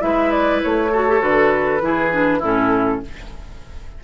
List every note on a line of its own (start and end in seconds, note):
0.00 0.63 G#3
0.00 0.90 E4
0.00 0.92 B4
0.00 0.31 E5
0.31 0.61 D5
0.63 1.22 A3
0.63 1.23 C#5
0.92 1.08 F#4
0.92 1.82 A4
1.08 1.20 G4
1.20 1.82 D3
1.20 1.80 F#4
1.20 2.43 B4
1.81 2.42 E3
1.81 2.11 E4
1.81 2.39 G#4
2.11 2.41 D4
2.39 3.03 A2
2.39 3.03 C#4
2.39 2.99 E4
2.39 3.04 A4